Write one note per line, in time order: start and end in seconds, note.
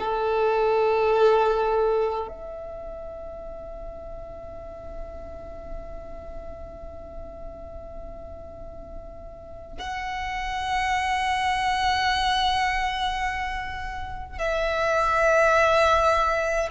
0.00 2.29 A4
2.29 9.79 E5
9.79 14.39 F#5
14.39 16.69 E5